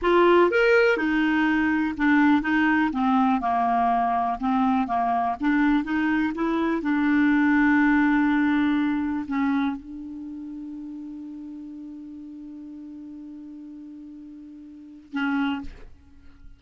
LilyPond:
\new Staff \with { instrumentName = "clarinet" } { \time 4/4 \tempo 4 = 123 f'4 ais'4 dis'2 | d'4 dis'4 c'4 ais4~ | ais4 c'4 ais4 d'4 | dis'4 e'4 d'2~ |
d'2. cis'4 | d'1~ | d'1~ | d'2. cis'4 | }